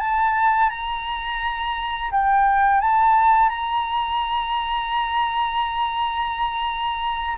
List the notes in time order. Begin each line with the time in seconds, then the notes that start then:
0.00 A5
0.70 A#5
2.11 G5
2.81 A5
3.50 A#5